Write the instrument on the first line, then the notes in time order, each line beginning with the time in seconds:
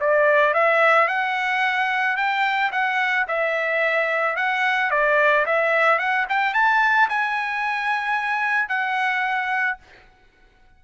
trumpet
0.00 D5
0.54 E5
1.08 F#5
2.16 G5
2.72 F#5
3.28 E5
4.36 F#5
4.91 D5
5.46 E5
5.99 F#5
6.29 G5
6.54 A5
7.09 G#5
8.69 F#5